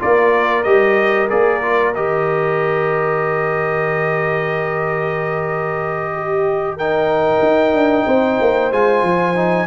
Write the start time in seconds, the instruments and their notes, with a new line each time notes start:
0.00 tuba A#3, trombone F4, horn A#4, trumpet D5
0.64 tuba G3, trombone G4, trumpet D#5
1.30 tuba A#3, trombone G#4, trumpet D5
1.62 trombone F4
1.95 tuba D#3, trombone G4, trumpet D#5
6.15 horn G4
6.77 trombone D#4, horn A#4, trumpet G5
7.43 tuba D#4
7.74 tuba D4
8.06 tuba C4, horn C5
8.41 tuba A#3
8.72 tuba G#3, trombone F4, trumpet G#5
9.03 tuba F3
9.36 trombone D#4